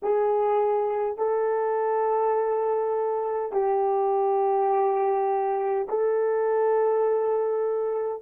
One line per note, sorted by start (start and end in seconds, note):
0.02 1.17 G#4
1.17 3.52 A4
3.52 5.87 G4
5.88 8.22 A4